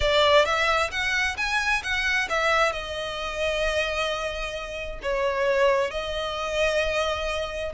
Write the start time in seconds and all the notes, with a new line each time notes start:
0.00 D5
0.45 E5
0.91 F#5
1.37 G#5
1.83 F#5
2.29 E5
2.72 D#5
5.02 C#5
5.90 D#5